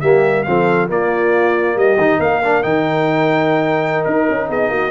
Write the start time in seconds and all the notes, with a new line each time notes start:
0.00 G3 A#3 G4 E5
0.43 F3 C4 A4 F5
0.88 A#3 F4 D5
1.75 G3 G4 D#5
1.97 D#3 D#4
2.19 A#3 A#4 F5
2.44 D4
2.63 D#3 D#4 G5
4.04 D#4 A#4
4.29 C#4
4.48 B3 G#4 D#5
4.69 A#3 F#4